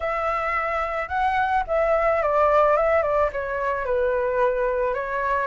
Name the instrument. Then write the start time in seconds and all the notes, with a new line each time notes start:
flute
0.00 E5
1.08 F#5
1.67 E5
2.22 D5
2.76 E5
3.02 D5
3.32 C#5
3.85 B4
4.94 C#5